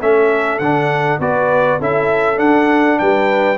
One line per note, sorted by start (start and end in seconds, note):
0.00 0.59 A3
0.00 0.61 C#4
0.00 1.20 A4
0.00 0.58 E5
0.58 1.19 D3
0.58 1.20 D4
0.58 1.19 F#5
1.19 1.79 B3
1.19 1.80 F#4
1.19 1.79 B4
1.19 1.81 D5
1.79 2.39 C#4
1.79 2.36 E4
1.79 2.99 A4
1.79 2.38 E5
2.36 3.56 D4
2.36 2.99 D4
2.36 2.98 F#5
2.98 3.58 G3
2.98 3.58 B4
2.98 3.58 G5